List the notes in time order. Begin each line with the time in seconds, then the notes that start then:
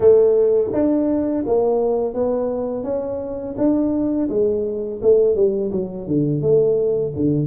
0.00 A3
0.73 D4
1.46 A#3
2.14 B3
2.83 C#4
3.57 D4
4.29 G#3
5.02 A3
5.35 G3
5.71 F#3
6.07 D3
6.41 A3
7.15 D3